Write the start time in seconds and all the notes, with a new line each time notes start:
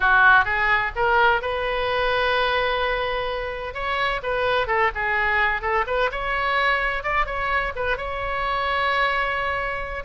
0.00 F#4
0.44 G#4
0.95 A#4
1.41 B4
3.74 C#5
4.23 B4
4.67 A4
4.94 G#4
5.61 A4
5.87 B4
6.11 C#5
7.03 D5
7.25 C#5
7.75 B4
7.97 C#5